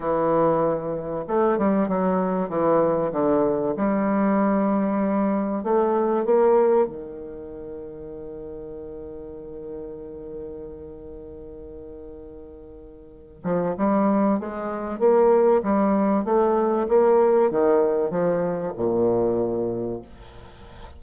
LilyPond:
\new Staff \with { instrumentName = "bassoon" } { \time 4/4 \tempo 4 = 96 e2 a8 g8 fis4 | e4 d4 g2~ | g4 a4 ais4 dis4~ | dis1~ |
dis1~ | dis4. f8 g4 gis4 | ais4 g4 a4 ais4 | dis4 f4 ais,2 | }